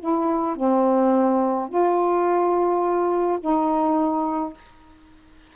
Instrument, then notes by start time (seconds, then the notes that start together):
saxophone
0.00 E4
0.56 C4
1.69 F4
3.41 D#4